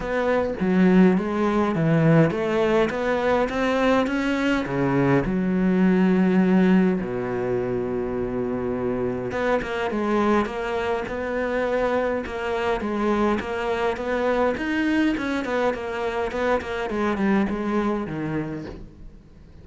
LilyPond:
\new Staff \with { instrumentName = "cello" } { \time 4/4 \tempo 4 = 103 b4 fis4 gis4 e4 | a4 b4 c'4 cis'4 | cis4 fis2. | b,1 |
b8 ais8 gis4 ais4 b4~ | b4 ais4 gis4 ais4 | b4 dis'4 cis'8 b8 ais4 | b8 ais8 gis8 g8 gis4 dis4 | }